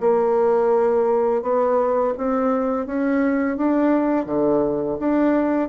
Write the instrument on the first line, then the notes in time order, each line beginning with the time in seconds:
bassoon
0.00 A#3
1.43 B3
2.18 C4
2.86 C#4
3.57 D4
4.26 D3
5.00 D4